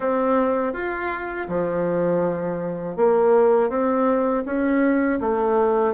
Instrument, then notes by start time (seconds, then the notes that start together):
bassoon
0.00 C4
0.73 F4
1.48 F3
2.96 A#3
3.69 C4
4.45 C#4
5.20 A3